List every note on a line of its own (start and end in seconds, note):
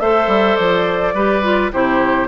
0.00 0.27 A3
0.00 1.16 A4
0.00 1.15 C5
0.00 0.56 E5
0.27 0.56 G3
0.56 1.14 F3
0.56 1.70 D5
1.14 1.71 G3
1.14 1.43 G4
1.14 1.72 B4
1.43 1.72 F4
1.72 2.28 C3
1.72 2.28 E4
1.72 2.28 G4
1.72 2.28 C5